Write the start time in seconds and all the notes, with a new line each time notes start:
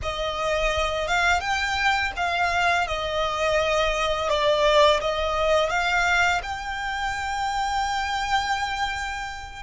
0.02 D#5
1.07 F5
1.40 G5
2.16 F5
2.87 D#5
4.29 D5
5.00 D#5
5.69 F5
6.42 G5